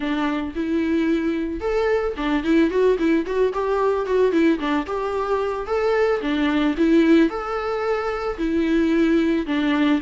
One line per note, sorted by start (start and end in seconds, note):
0.00 0.54 D4
0.55 1.60 E4
1.60 2.14 A4
2.16 2.43 D4
2.43 2.70 E4
2.70 2.97 F#4
2.98 3.25 E4
3.26 3.53 F#4
3.53 4.06 G4
4.06 4.31 F#4
4.31 4.58 E4
4.59 4.86 D4
4.86 5.66 G4
5.66 6.20 A4
6.21 6.75 D4
6.77 7.29 E4
7.29 8.37 A4
8.38 9.46 E4
9.46 10.00 D4